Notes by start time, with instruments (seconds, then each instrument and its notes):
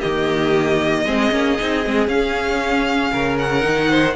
0.00 cello D#3, viola A#3, violin G4 D#5
1.05 cello G#3, viola C4, violin G#4
1.31 cello A#3, viola C#4
1.59 cello C4, viola D#4
1.85 cello G#3, viola C4
2.07 cello C#4, viola C#4, violin F5
3.12 cello C#3, violin A#4
3.39 violin F#5
3.61 cello D#3, viola D#4
3.89 violin C5